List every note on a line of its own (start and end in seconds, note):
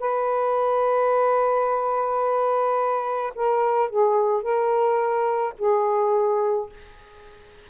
0.00 3.33 B4
3.36 3.90 A#4
3.90 4.43 G#4
4.43 5.54 A#4
5.59 6.70 G#4